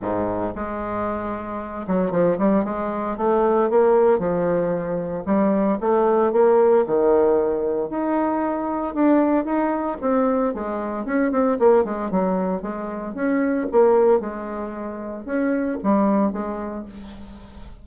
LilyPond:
\new Staff \with { instrumentName = "bassoon" } { \time 4/4 \tempo 4 = 114 gis,4 gis2~ gis8 fis8 | f8 g8 gis4 a4 ais4 | f2 g4 a4 | ais4 dis2 dis'4~ |
dis'4 d'4 dis'4 c'4 | gis4 cis'8 c'8 ais8 gis8 fis4 | gis4 cis'4 ais4 gis4~ | gis4 cis'4 g4 gis4 | }